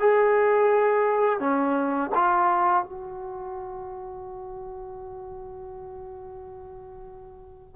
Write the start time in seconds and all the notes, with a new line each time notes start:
0.00 G#4
1.40 C#4
2.15 F4
2.84 F#4